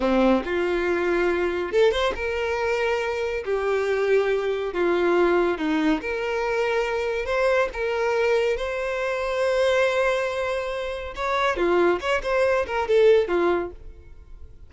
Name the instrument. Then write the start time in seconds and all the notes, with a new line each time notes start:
violin
0.00 C4
0.45 F4
1.72 A4
1.91 C5
2.15 A#4
3.44 G4
4.73 F4
5.58 D#4
6.01 A#4
7.25 C5
7.73 A#4
8.57 C5
11.15 C#5
11.56 F4
12.00 C#5
12.23 C5
12.66 A#4
12.88 A4
13.28 F4